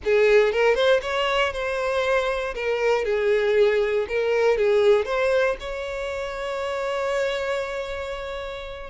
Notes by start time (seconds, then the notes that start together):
0.04 G#4
0.52 A#4
0.74 C5
1.01 C#5
1.53 C5
2.54 A#4
3.05 G#4
4.08 A#4
4.57 G#4
5.05 C5
5.60 C#5